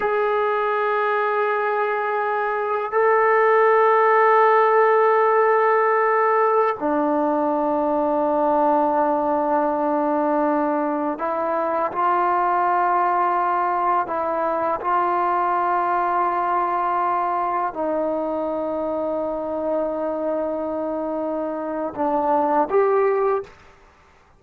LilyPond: \new Staff \with { instrumentName = "trombone" } { \time 4/4 \tempo 4 = 82 gis'1 | a'1~ | a'4~ a'16 d'2~ d'8.~ | d'2.~ d'16 e'8.~ |
e'16 f'2. e'8.~ | e'16 f'2.~ f'8.~ | f'16 dis'2.~ dis'8.~ | dis'2 d'4 g'4 | }